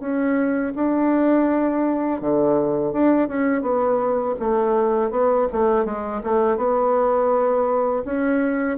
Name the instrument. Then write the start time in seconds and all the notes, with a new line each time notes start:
bassoon
0.00 C#4
0.75 D4
2.21 D3
2.93 D4
3.28 C#4
3.62 B3
4.39 A3
5.11 B3
5.52 A3
5.85 G#3
6.24 A3
6.57 B3
8.05 C#4